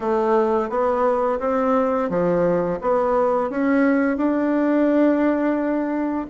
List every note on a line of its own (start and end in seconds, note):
0.00 0.69 A3
0.69 1.39 B3
1.39 2.09 C4
2.09 2.79 F3
2.81 3.49 B3
3.49 4.17 C#4
4.17 6.26 D4